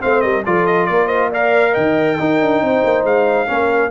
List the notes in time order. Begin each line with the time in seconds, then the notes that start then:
0.00 A3 C4 C5 F5
0.21 G3 A#4 D#5
0.46 F3 F4 A4 D5
0.66 D#5
0.87 A#3 A#4 D5
1.07 C5 D#5
1.30 A#4 D5 F5
1.71 D#3 D#5 G5
2.19 D#4 A#4
2.41 D4
2.62 C4 C5
2.84 A#3
3.04 G#3 F5
3.47 A#3 C#4 A#4